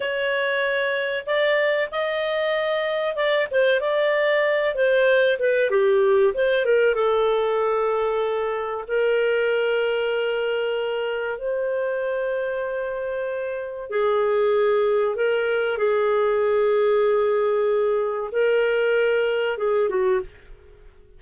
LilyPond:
\new Staff \with { instrumentName = "clarinet" } { \time 4/4 \tempo 4 = 95 cis''2 d''4 dis''4~ | dis''4 d''8 c''8 d''4. c''8~ | c''8 b'8 g'4 c''8 ais'8 a'4~ | a'2 ais'2~ |
ais'2 c''2~ | c''2 gis'2 | ais'4 gis'2.~ | gis'4 ais'2 gis'8 fis'8 | }